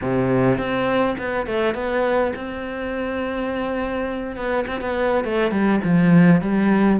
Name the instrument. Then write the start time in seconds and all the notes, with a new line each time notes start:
cello
0.01 C3
0.57 C4
1.18 B3
1.46 A3
1.74 B3
2.35 C4
4.36 B3
4.67 C4
4.81 B3
5.24 A3
5.50 G3
5.84 F3
6.41 G3